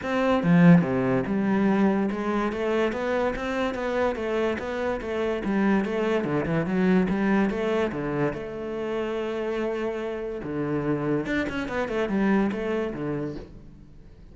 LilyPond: \new Staff \with { instrumentName = "cello" } { \time 4/4 \tempo 4 = 144 c'4 f4 c4 g4~ | g4 gis4 a4 b4 | c'4 b4 a4 b4 | a4 g4 a4 d8 e8 |
fis4 g4 a4 d4 | a1~ | a4 d2 d'8 cis'8 | b8 a8 g4 a4 d4 | }